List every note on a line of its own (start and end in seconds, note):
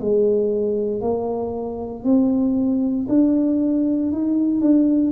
0.00 1.01 G#3
1.01 2.03 A#3
2.03 3.07 C4
3.08 4.11 D4
4.11 4.61 D#4
4.61 5.11 D4